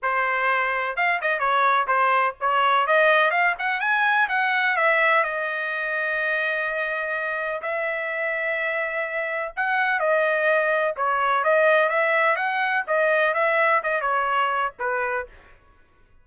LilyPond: \new Staff \with { instrumentName = "trumpet" } { \time 4/4 \tempo 4 = 126 c''2 f''8 dis''8 cis''4 | c''4 cis''4 dis''4 f''8 fis''8 | gis''4 fis''4 e''4 dis''4~ | dis''1 |
e''1 | fis''4 dis''2 cis''4 | dis''4 e''4 fis''4 dis''4 | e''4 dis''8 cis''4. b'4 | }